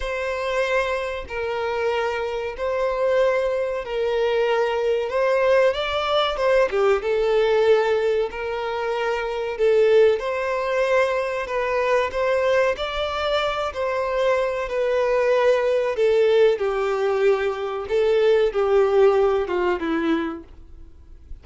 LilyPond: \new Staff \with { instrumentName = "violin" } { \time 4/4 \tempo 4 = 94 c''2 ais'2 | c''2 ais'2 | c''4 d''4 c''8 g'8 a'4~ | a'4 ais'2 a'4 |
c''2 b'4 c''4 | d''4. c''4. b'4~ | b'4 a'4 g'2 | a'4 g'4. f'8 e'4 | }